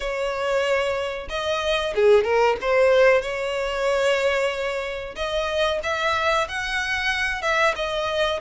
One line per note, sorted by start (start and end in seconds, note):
0.00 1.28 C#5
1.29 1.94 D#5
1.95 2.24 G#4
2.24 2.56 A#4
2.61 3.21 C5
3.21 5.15 C#5
5.15 5.79 D#5
5.83 6.47 E5
6.48 7.42 F#5
7.42 7.74 E5
7.75 8.40 D#5